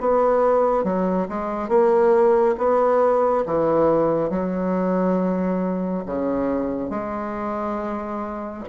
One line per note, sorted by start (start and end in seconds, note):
0.00 0.83 B3
0.83 1.27 F#3
1.28 1.68 G#3
1.68 2.55 A#3
2.57 3.44 B3
3.45 4.30 E3
4.30 6.04 F#3
6.06 6.90 C#3
6.90 8.64 G#3